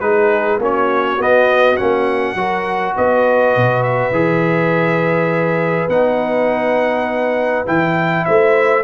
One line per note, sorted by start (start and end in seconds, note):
0.00 0.59 G#3
0.00 0.60 D#4
0.00 0.62 G#4
0.00 0.59 B4
0.59 1.18 A#3
0.59 1.18 C#4
0.59 2.38 F#4
0.65 1.22 C#5
1.18 1.77 B3
1.18 1.79 B3
1.18 1.77 D#5
1.77 2.35 A#3
1.77 2.37 C#4
1.77 2.94 F#5
2.35 2.94 F#3
2.35 4.13 F#4
2.35 2.96 A#4
2.96 3.57 B3
2.96 8.25 B4
2.96 3.83 D#5
3.57 4.12 B2
3.83 5.89 E5
4.12 5.88 E3
4.12 5.90 G#4
5.89 7.65 B3
5.89 7.67 D#4
5.89 7.66 F#5
7.67 8.27 E3
7.67 8.84 E4
7.67 8.25 G5
8.25 8.85 A3
8.25 8.85 C5
8.25 8.84 E5